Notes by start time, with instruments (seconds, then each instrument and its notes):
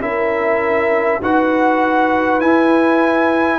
0.00 tuba C#4, trombone E4, horn A#4, trumpet E5
1.22 tuba D#4, trombone F#4, horn B4, trumpet F#5
2.41 tuba E4, trombone E4, trumpet G#5